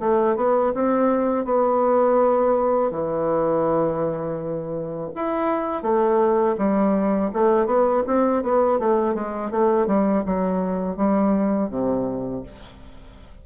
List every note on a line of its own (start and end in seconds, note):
0.00 0.37 A3
0.37 0.73 B3
0.75 1.45 C4
1.45 2.91 B3
2.91 5.11 E3
5.16 5.83 E4
5.83 6.56 A3
6.58 7.31 G3
7.34 7.67 A3
7.67 8.03 B3
8.07 8.43 C4
8.43 8.79 B3
8.79 9.15 A3
9.15 9.51 G#3
9.51 9.87 A3
9.87 10.24 G3
10.26 10.97 F#3
10.97 11.70 G3
11.70 12.43 C3